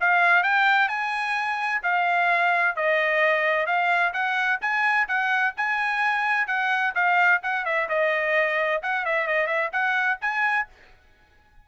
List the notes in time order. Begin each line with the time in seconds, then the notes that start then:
0.00 F5
0.43 G5
0.88 G#5
1.83 F5
2.76 D#5
3.66 F5
4.13 F#5
4.61 G#5
5.08 F#5
5.57 G#5
6.47 F#5
6.95 F5
7.43 F#5
7.65 E5
7.89 D#5
8.82 F#5
9.05 E5
9.27 D#5
9.47 E5
9.72 F#5
10.21 G#5